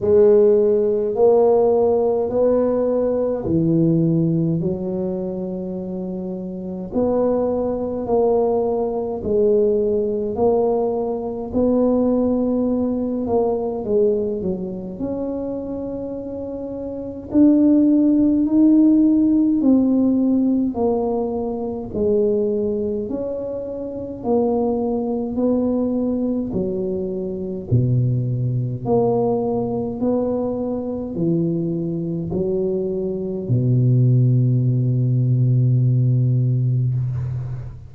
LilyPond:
\new Staff \with { instrumentName = "tuba" } { \time 4/4 \tempo 4 = 52 gis4 ais4 b4 e4 | fis2 b4 ais4 | gis4 ais4 b4. ais8 | gis8 fis8 cis'2 d'4 |
dis'4 c'4 ais4 gis4 | cis'4 ais4 b4 fis4 | b,4 ais4 b4 e4 | fis4 b,2. | }